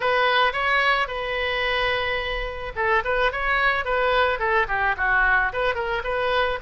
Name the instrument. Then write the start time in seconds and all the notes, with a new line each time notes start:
oboe
0.00 B4
0.53 C#5
1.07 B4
2.75 A4
3.04 B4
3.32 C#5
3.85 B4
4.39 A4
4.68 G4
4.97 F#4
5.52 B4
5.74 A#4
6.04 B4